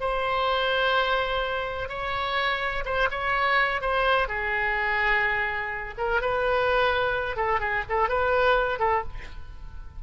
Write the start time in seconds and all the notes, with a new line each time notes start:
0.00 C5
1.89 C#5
2.85 C5
3.11 C#5
3.81 C5
4.28 G#4
5.98 A#4
6.21 B4
7.36 A4
7.60 G#4
7.89 A4
8.09 B4
8.79 A4